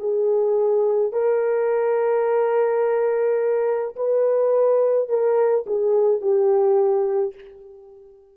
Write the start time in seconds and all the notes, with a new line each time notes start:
0.00 G#4
1.13 A#4
3.96 B4
5.09 A#4
5.67 G#4
6.22 G4